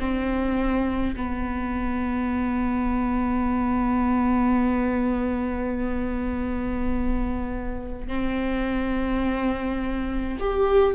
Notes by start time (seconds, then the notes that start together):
0.00 C4
1.16 B3
8.08 C4
10.40 G4